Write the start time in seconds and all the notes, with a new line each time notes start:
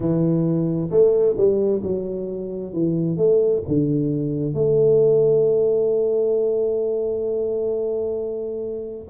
0.00 E3
0.90 A3
1.37 G3
1.82 F#3
2.73 E3
3.17 A3
3.67 D3
4.54 A3